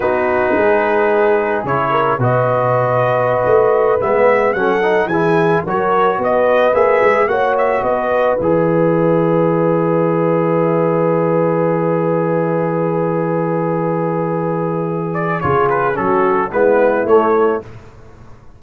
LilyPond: <<
  \new Staff \with { instrumentName = "trumpet" } { \time 4/4 \tempo 4 = 109 b'2. cis''4 | dis''2.~ dis''16 e''8.~ | e''16 fis''4 gis''4 cis''4 dis''8.~ | dis''16 e''4 fis''8 e''8 dis''4 e''8.~ |
e''1~ | e''1~ | e''2.~ e''8 d''8 | cis''8 b'8 a'4 b'4 cis''4 | }
  \new Staff \with { instrumentName = "horn" } { \time 4/4 fis'4 gis'2~ gis'8 ais'8 | b'1~ | b'16 a'4 gis'4 ais'4 b'8.~ | b'4~ b'16 cis''4 b'4.~ b'16~ |
b'1~ | b'1~ | b'1 | gis'4 fis'4 e'2 | }
  \new Staff \with { instrumentName = "trombone" } { \time 4/4 dis'2. e'4 | fis'2.~ fis'16 b8.~ | b16 cis'8 dis'8 e'4 fis'4.~ fis'16~ | fis'16 gis'4 fis'2 gis'8.~ |
gis'1~ | gis'1~ | gis'1 | f'4 cis'4 b4 a4 | }
  \new Staff \with { instrumentName = "tuba" } { \time 4/4 b4 gis2 cis4 | b,2~ b,16 a4 gis8.~ | gis16 fis4 e4 fis4 b8.~ | b16 ais8 gis8 ais4 b4 e8.~ |
e1~ | e1~ | e1 | cis4 fis4 gis4 a4 | }
>>